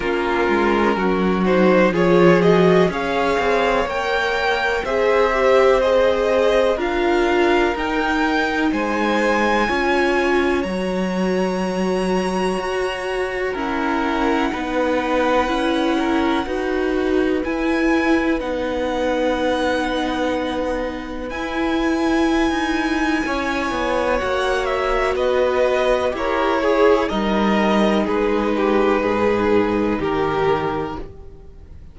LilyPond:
<<
  \new Staff \with { instrumentName = "violin" } { \time 4/4 \tempo 4 = 62 ais'4. c''8 cis''8 dis''8 f''4 | g''4 e''4 dis''4 f''4 | g''4 gis''2 ais''4~ | ais''2 fis''2~ |
fis''2 gis''4 fis''4~ | fis''2 gis''2~ | gis''4 fis''8 e''8 dis''4 cis''4 | dis''4 b'2 ais'4 | }
  \new Staff \with { instrumentName = "violin" } { \time 4/4 f'4 fis'4 gis'4 cis''4~ | cis''4 c''2 ais'4~ | ais'4 c''4 cis''2~ | cis''2 ais'4 b'4~ |
b'8 ais'8 b'2.~ | b'1 | cis''2 b'4 ais'8 gis'8 | ais'4 gis'8 g'8 gis'4 g'4 | }
  \new Staff \with { instrumentName = "viola" } { \time 4/4 cis'4. dis'8 f'8 fis'8 gis'4 | ais'4 gis'8 g'8 gis'4 f'4 | dis'2 f'4 fis'4~ | fis'2 cis'4 dis'4 |
e'4 fis'4 e'4 dis'4~ | dis'2 e'2~ | e'4 fis'2 g'8 gis'8 | dis'1 | }
  \new Staff \with { instrumentName = "cello" } { \time 4/4 ais8 gis8 fis4 f4 cis'8 c'8 | ais4 c'2 d'4 | dis'4 gis4 cis'4 fis4~ | fis4 fis'4 e'4 b4 |
cis'4 dis'4 e'4 b4~ | b2 e'4~ e'16 dis'8. | cis'8 b8 ais4 b4 e'4 | g4 gis4 gis,4 dis4 | }
>>